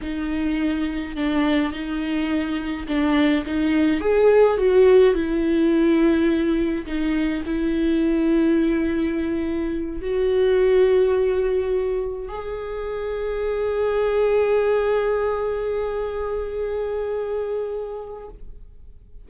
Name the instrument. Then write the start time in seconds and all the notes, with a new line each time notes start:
viola
0.01 D#4
1.16 D4
1.72 D#4
2.87 D4
3.46 D#4
4.00 G#4
4.57 F#4
5.14 E4
6.85 D#4
7.45 E4
10.01 F#4
12.28 G#4